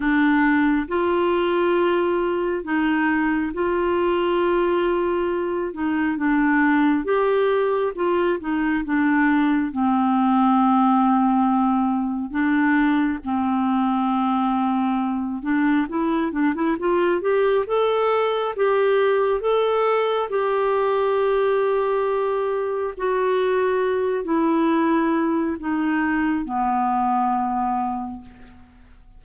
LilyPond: \new Staff \with { instrumentName = "clarinet" } { \time 4/4 \tempo 4 = 68 d'4 f'2 dis'4 | f'2~ f'8 dis'8 d'4 | g'4 f'8 dis'8 d'4 c'4~ | c'2 d'4 c'4~ |
c'4. d'8 e'8 d'16 e'16 f'8 g'8 | a'4 g'4 a'4 g'4~ | g'2 fis'4. e'8~ | e'4 dis'4 b2 | }